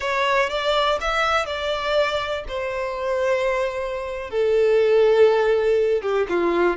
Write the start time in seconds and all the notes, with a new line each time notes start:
0.00 C#5
0.49 D5
1.00 E5
1.46 D5
2.47 C5
4.30 A4
6.02 G4
6.29 F4